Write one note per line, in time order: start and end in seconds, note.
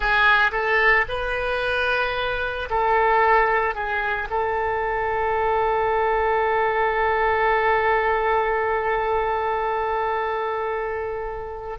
0.00 0.51 G#4
0.51 1.05 A4
1.08 2.69 B4
2.69 3.75 A4
3.75 4.28 G#4
4.30 11.78 A4